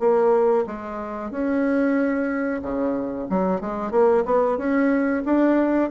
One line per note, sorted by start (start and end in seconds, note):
0.00 0.65 A#3
0.67 1.31 G#3
1.31 2.62 C#4
2.62 3.28 C#3
3.30 3.61 F#3
3.61 3.92 G#3
3.92 4.24 A#3
4.25 4.58 B3
4.58 5.23 C#4
5.25 5.91 D4